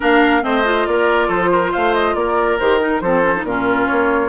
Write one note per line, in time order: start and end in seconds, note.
0.00 0.43 A#3
0.00 0.42 D4
0.00 0.42 A#4
0.00 0.44 F5
0.42 0.86 A3
0.42 0.63 C4
0.42 0.87 C5
0.42 0.87 D#5
0.64 2.58 F4
0.86 1.28 A#3
0.86 1.27 A#4
0.86 1.30 D5
1.27 1.71 F3
1.27 1.49 A4
1.27 1.72 C5
1.52 1.71 A#4
1.71 2.14 A3
1.71 2.14 C5
1.71 1.94 F5
1.94 2.14 D#5
2.14 2.58 A#3
2.14 3.02 A#4
2.14 2.58 D5
2.59 3.00 D#3
2.59 2.80 G4
2.59 2.80 C5
2.80 3.01 D#4
2.80 3.00 A#4
3.00 3.43 F3
3.00 3.22 C4
3.00 3.46 A4
3.00 3.43 C5
3.22 3.33 C#4
3.36 3.47 D#4
3.43 3.86 A#2
3.43 4.29 C#4
3.43 4.29 F4
3.43 3.87 A#4
3.87 4.29 A#3
3.87 4.29 C#5